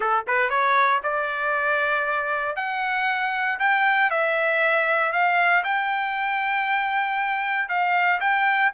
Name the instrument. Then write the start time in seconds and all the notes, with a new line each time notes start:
trumpet
0.00 A4
0.27 B4
0.49 C#5
1.03 D5
2.56 F#5
3.59 G5
4.10 E5
5.12 F5
5.64 G5
7.68 F5
8.20 G5